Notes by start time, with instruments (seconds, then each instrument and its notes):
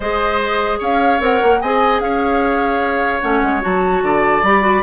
0.00 bassoon G#3, clarinet G#4, oboe C5, flute D#5
0.78 bassoon C#4, oboe C#5, flute F5
1.20 bassoon C4, clarinet A#4, flute F#5
1.42 bassoon A#3
1.61 bassoon C4, clarinet G#4, oboe D#5, flute G#5
2.00 bassoon C#4, oboe C#5, flute F5
3.21 bassoon A3, clarinet C#4, flute F#5
3.42 bassoon G#3
3.61 bassoon F#3, clarinet F#4, flute A5
4.02 bassoon D3, oboe D5
4.42 bassoon G3, clarinet G4, flute B5
4.61 clarinet F#4